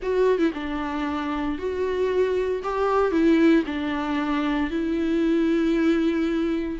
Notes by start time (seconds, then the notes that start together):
0.02 F#4
0.38 E4
0.54 D4
1.58 F#4
2.63 G4
3.11 E4
3.66 D4
4.70 E4